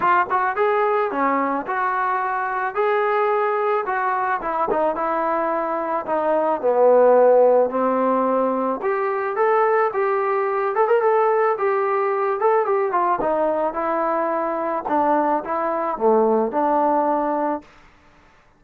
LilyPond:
\new Staff \with { instrumentName = "trombone" } { \time 4/4 \tempo 4 = 109 f'8 fis'8 gis'4 cis'4 fis'4~ | fis'4 gis'2 fis'4 | e'8 dis'8 e'2 dis'4 | b2 c'2 |
g'4 a'4 g'4. a'16 ais'16 | a'4 g'4. a'8 g'8 f'8 | dis'4 e'2 d'4 | e'4 a4 d'2 | }